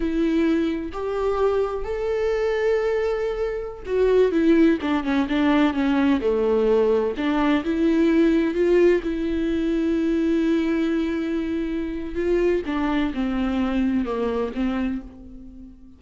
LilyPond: \new Staff \with { instrumentName = "viola" } { \time 4/4 \tempo 4 = 128 e'2 g'2 | a'1~ | a'16 fis'4 e'4 d'8 cis'8 d'8.~ | d'16 cis'4 a2 d'8.~ |
d'16 e'2 f'4 e'8.~ | e'1~ | e'2 f'4 d'4 | c'2 ais4 c'4 | }